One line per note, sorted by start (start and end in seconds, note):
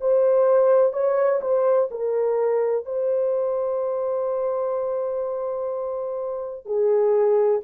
0.00 0.93 C5
0.93 1.40 C#5
1.41 1.88 C5
1.90 2.85 A#4
2.85 6.65 C5
6.65 7.61 G#4